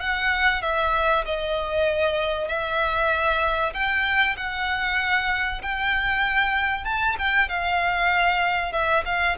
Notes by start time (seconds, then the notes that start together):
0.00 F#5
0.62 E5
1.25 D#5
2.48 E5
3.74 G5
4.37 F#5
5.62 G5
6.85 A5
7.18 G5
7.49 F5
8.73 E5
9.05 F5